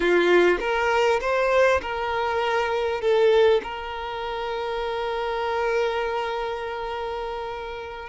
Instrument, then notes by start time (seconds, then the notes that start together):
violin
0.00 F4
0.59 A#4
1.21 C5
1.81 A#4
3.01 A4
3.63 A#4